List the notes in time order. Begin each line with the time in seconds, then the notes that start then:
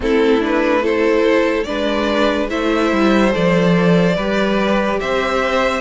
0.00 A3 C4 E4 A4
0.40 D4 B4
0.82 E4 A4 C5
1.63 G#3 D4 B4 D5
2.49 A3 E4 C5 E5
2.92 G3
3.30 F3 A4 D5
4.15 G3 G4 B4
5.00 C4 C5 E5